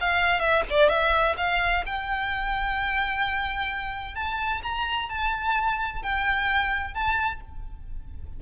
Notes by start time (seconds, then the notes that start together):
0.00 F5
0.39 E5
0.69 D5
0.89 E5
1.37 F5
1.86 G5
4.15 A5
4.62 A#5
5.09 A5
6.02 G5
6.93 A5